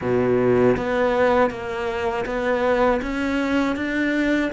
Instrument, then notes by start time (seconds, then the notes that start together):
cello
0.01 B2
0.77 B3
1.50 A#3
2.25 B3
3.02 C#4
3.76 D4